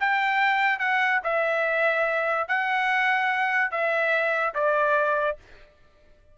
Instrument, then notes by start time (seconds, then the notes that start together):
trumpet
0.00 G5
0.79 F#5
1.24 E5
2.48 F#5
3.71 E5
4.54 D5